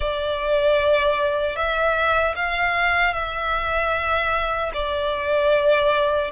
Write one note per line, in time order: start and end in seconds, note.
0.00 1.55 D5
1.55 2.34 E5
2.35 3.13 F5
3.13 4.71 E5
4.73 6.31 D5